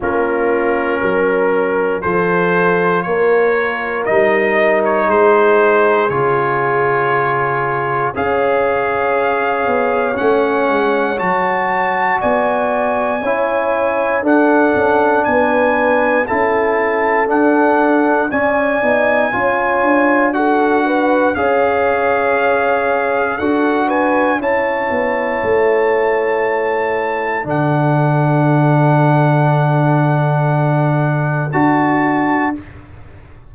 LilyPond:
<<
  \new Staff \with { instrumentName = "trumpet" } { \time 4/4 \tempo 4 = 59 ais'2 c''4 cis''4 | dis''8. cis''16 c''4 cis''2 | f''2 fis''4 a''4 | gis''2 fis''4 gis''4 |
a''4 fis''4 gis''2 | fis''4 f''2 fis''8 gis''8 | a''2. fis''4~ | fis''2. a''4 | }
  \new Staff \with { instrumentName = "horn" } { \time 4/4 f'4 ais'4 a'4 ais'4~ | ais'4 gis'2. | cis''1 | d''4 cis''4 a'4 b'4 |
a'2 d''4 cis''4 | a'8 b'8 cis''2 a'8 b'8 | cis''2. a'4~ | a'1 | }
  \new Staff \with { instrumentName = "trombone" } { \time 4/4 cis'2 f'2 | dis'2 f'2 | gis'2 cis'4 fis'4~ | fis'4 e'4 d'2 |
e'4 d'4 cis'8 dis'8 f'4 | fis'4 gis'2 fis'4 | e'2. d'4~ | d'2. fis'4 | }
  \new Staff \with { instrumentName = "tuba" } { \time 4/4 ais4 fis4 f4 ais4 | g4 gis4 cis2 | cis'4. b8 a8 gis8 fis4 | b4 cis'4 d'8 cis'8 b4 |
cis'4 d'4 cis'8 b8 cis'8 d'8~ | d'4 cis'2 d'4 | cis'8 b8 a2 d4~ | d2. d'4 | }
>>